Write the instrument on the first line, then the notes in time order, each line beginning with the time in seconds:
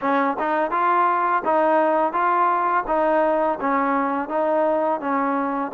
trombone
0.01 C#4
0.39 D#4
0.70 F4
1.44 D#4
2.12 F4
2.87 D#4
3.60 C#4
4.29 D#4
5.00 C#4